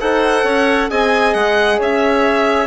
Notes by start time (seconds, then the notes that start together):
0.00 D#4 A4 C5 F#5
0.44 C#4 C#5
0.90 C4 G#4 D#5 G#5
1.34 G#3 F#5
1.78 C#4 C#5 E5